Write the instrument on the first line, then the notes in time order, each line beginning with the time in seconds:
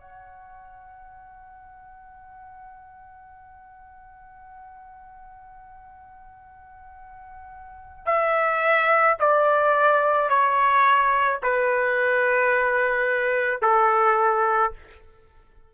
trumpet
0.00 F#5
8.06 E5
9.20 D5
10.29 C#5
11.43 B4
13.62 A4